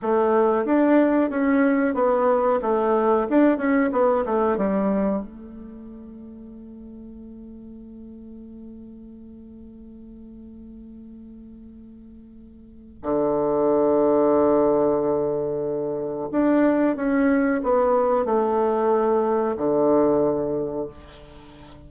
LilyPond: \new Staff \with { instrumentName = "bassoon" } { \time 4/4 \tempo 4 = 92 a4 d'4 cis'4 b4 | a4 d'8 cis'8 b8 a8 g4 | a1~ | a1~ |
a1 | d1~ | d4 d'4 cis'4 b4 | a2 d2 | }